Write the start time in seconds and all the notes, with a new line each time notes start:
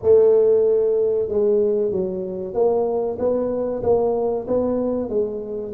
0.02 A3
1.28 G#3
1.91 F#3
2.54 A#3
3.18 B3
3.82 A#3
4.47 B3
5.09 G#3